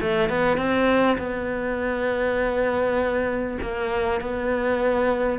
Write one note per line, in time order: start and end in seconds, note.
0.00 0.29 A3
0.29 0.57 B3
0.57 1.17 C4
1.18 3.58 B3
3.61 4.20 A#3
4.20 5.39 B3